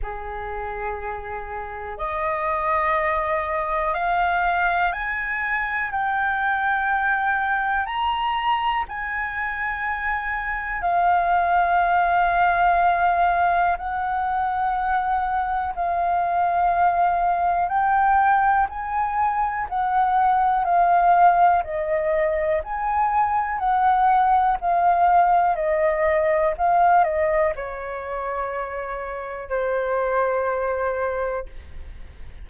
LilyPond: \new Staff \with { instrumentName = "flute" } { \time 4/4 \tempo 4 = 61 gis'2 dis''2 | f''4 gis''4 g''2 | ais''4 gis''2 f''4~ | f''2 fis''2 |
f''2 g''4 gis''4 | fis''4 f''4 dis''4 gis''4 | fis''4 f''4 dis''4 f''8 dis''8 | cis''2 c''2 | }